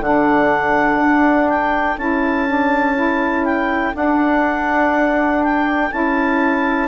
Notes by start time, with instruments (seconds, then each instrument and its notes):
0.00 bassoon D3, saxophone D4, viola A4, clarinet F#5
0.99 bassoon D4
1.49 clarinet G5
1.98 bassoon C#4, saxophone E4, clarinet A5
2.48 saxophone D4
2.95 saxophone E4
3.45 clarinet G5
3.94 saxophone D4, bassoon D4, clarinet F#5
5.44 clarinet G5
5.91 bassoon C#4, saxophone E4, clarinet A5